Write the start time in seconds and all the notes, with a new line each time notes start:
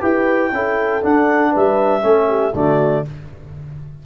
0.00 E4 G4 B4 G5
0.52 C#4 E4 A4
1.02 D4 F#5
1.51 G3 B4 E5
2.01 A3 C#4 A4
2.28 G4
2.53 D3 A3 F#4 D5